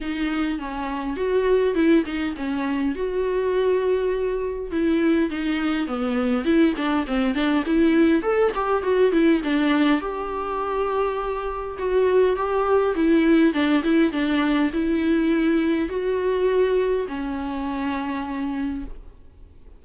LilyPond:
\new Staff \with { instrumentName = "viola" } { \time 4/4 \tempo 4 = 102 dis'4 cis'4 fis'4 e'8 dis'8 | cis'4 fis'2. | e'4 dis'4 b4 e'8 d'8 | c'8 d'8 e'4 a'8 g'8 fis'8 e'8 |
d'4 g'2. | fis'4 g'4 e'4 d'8 e'8 | d'4 e'2 fis'4~ | fis'4 cis'2. | }